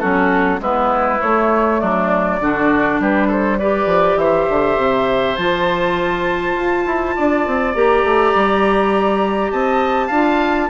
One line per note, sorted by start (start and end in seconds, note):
0.00 0.60 F#3
0.00 0.60 C#4
0.00 0.60 F#4
0.00 0.59 A4
0.60 1.19 G#3
0.60 1.20 B3
0.60 1.81 E4
0.60 1.22 B4
1.22 2.41 A3
1.22 1.82 A3
1.22 1.81 C#5
1.81 2.41 F#3
1.81 2.40 D4
1.81 3.00 D5
2.41 3.00 D3
2.41 3.60 D4
2.41 3.01 F#4
3.00 3.87 G3
3.00 3.28 G4
3.00 3.31 B4
3.28 3.57 A4
3.28 3.59 C5
3.59 5.38 G4
3.59 4.19 B4
3.59 4.18 D5
3.87 4.16 F3
4.17 4.47 E3
4.17 7.16 C5
4.17 5.36 E5
4.50 4.78 D3
4.78 5.37 C3
5.36 6.55 F3
5.36 7.75 F4
5.36 7.74 A5
6.55 6.85 F4
6.86 7.15 E4
7.16 7.47 D4
7.16 9.52 D5
7.47 7.75 C4
7.75 8.04 A#3
7.75 10.12 G4
7.75 9.52 A#5
8.04 8.34 A3
8.35 9.52 G3
9.52 10.10 C4
9.52 10.08 D#5
9.52 10.70 A5
10.08 10.70 D4
10.08 10.70 F4
10.08 10.67 F5